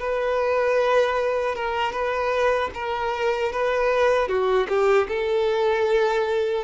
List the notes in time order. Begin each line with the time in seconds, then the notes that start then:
0.00 B4
1.56 A#4
1.93 B4
2.74 A#4
3.52 B4
4.29 F#4
4.69 G4
5.09 A4